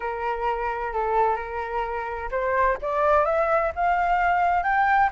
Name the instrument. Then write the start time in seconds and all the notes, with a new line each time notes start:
flute
0.00 A#4
0.93 A4
1.36 A#4
2.31 C5
2.81 D5
3.25 E5
3.75 F5
4.63 G5